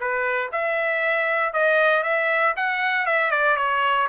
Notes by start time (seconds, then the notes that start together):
0.00 B4
0.52 E5
1.53 D#5
2.03 E5
2.57 F#5
3.06 E5
3.31 D5
3.56 C#5